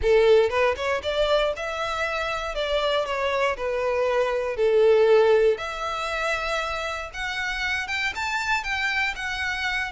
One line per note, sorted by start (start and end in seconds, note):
0.01 0.49 A4
0.49 0.75 B4
0.76 1.01 C#5
1.02 1.53 D5
1.56 2.54 E5
2.54 3.05 D5
3.05 3.56 C#5
3.56 4.56 B4
4.56 5.57 A4
5.57 7.10 E5
7.13 7.87 F#5
7.87 8.13 G5
8.15 8.63 A5
8.63 9.14 G5
9.15 9.91 F#5